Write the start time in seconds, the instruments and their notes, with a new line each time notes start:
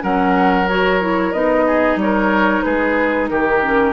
0.00 bassoon F#3, clarinet C#4, oboe A#4, flute F#5
0.68 clarinet F#4, flute C#5
1.00 clarinet E4
1.32 bassoon B3, clarinet D#4, flute D#5
1.66 oboe G#4
1.96 bassoon G3, flute C#5
2.03 oboe A#4
2.62 bassoon G#3, oboe G#4, flute B4
3.28 bassoon D#3, oboe G4, flute A#4
3.62 clarinet C#4